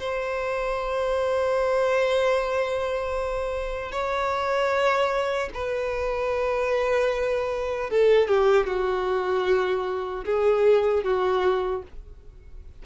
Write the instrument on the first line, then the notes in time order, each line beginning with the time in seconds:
violin
0.00 C5
3.92 C#5
5.54 B4
7.91 A4
8.28 G4
8.67 F#4
10.26 G#4
11.04 F#4